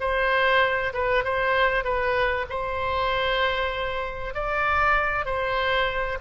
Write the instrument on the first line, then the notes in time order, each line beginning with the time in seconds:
oboe
0.00 C5
0.93 B4
1.24 C5
1.84 B4
2.49 C5
4.34 D5
5.25 C5